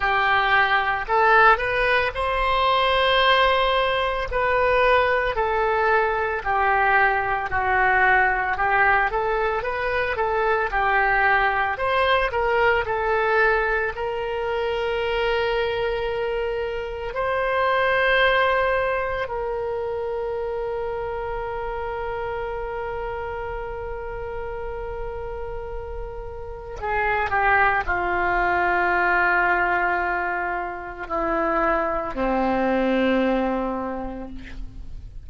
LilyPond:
\new Staff \with { instrumentName = "oboe" } { \time 4/4 \tempo 4 = 56 g'4 a'8 b'8 c''2 | b'4 a'4 g'4 fis'4 | g'8 a'8 b'8 a'8 g'4 c''8 ais'8 | a'4 ais'2. |
c''2 ais'2~ | ais'1~ | ais'4 gis'8 g'8 f'2~ | f'4 e'4 c'2 | }